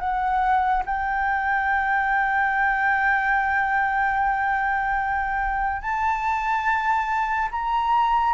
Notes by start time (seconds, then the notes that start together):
0.00 F#5
0.86 G5
5.82 A5
7.51 A#5